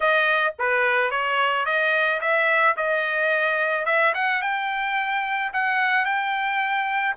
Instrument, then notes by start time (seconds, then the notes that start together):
trumpet
0.00 D#5
0.58 B4
1.11 C#5
1.65 D#5
2.20 E5
2.76 D#5
3.85 E5
4.14 F#5
4.41 G5
5.53 F#5
6.05 G5